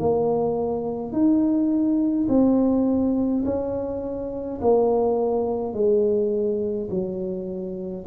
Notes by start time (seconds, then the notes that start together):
0.00 A#3
1.13 D#4
2.29 C4
3.45 C#4
4.62 A#3
5.74 G#3
6.91 F#3